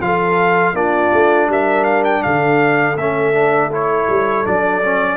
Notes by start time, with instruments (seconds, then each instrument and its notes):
0.00 tuba F3, trombone F4, horn A4, trumpet F5
0.73 tuba A#3, trombone D4, horn F4, trumpet D5
1.13 tuba A3
1.48 tuba G3, horn A#4, trumpet E5
1.84 trumpet F5
2.04 trumpet G5
2.23 tuba D3, horn A4, trumpet F5
2.96 tuba A3, trombone C#4, trumpet E5
3.33 trombone D4
3.71 trombone E4, trumpet C#5
4.08 tuba G3
4.45 tuba F#3, trombone D4, trumpet D5
4.83 trombone C#4